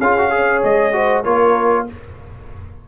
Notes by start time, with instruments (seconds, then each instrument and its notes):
0.00 tuba C#4, trombone F4, horn G#4, trumpet F5
0.18 trombone F#4
0.31 trombone G#4, horn C#5
0.64 tuba G#3, trumpet D#5
0.93 trombone F#4, horn C5
1.23 tuba A#3, trombone F4, horn A#4, trumpet C#5